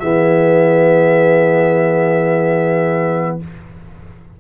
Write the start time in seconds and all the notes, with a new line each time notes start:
0.00 E3 B3 G#4 E5